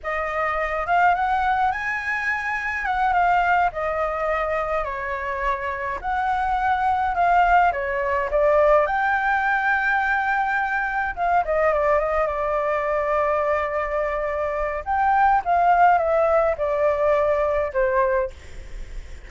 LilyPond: \new Staff \with { instrumentName = "flute" } { \time 4/4 \tempo 4 = 105 dis''4. f''8 fis''4 gis''4~ | gis''4 fis''8 f''4 dis''4.~ | dis''8 cis''2 fis''4.~ | fis''8 f''4 cis''4 d''4 g''8~ |
g''2.~ g''8 f''8 | dis''8 d''8 dis''8 d''2~ d''8~ | d''2 g''4 f''4 | e''4 d''2 c''4 | }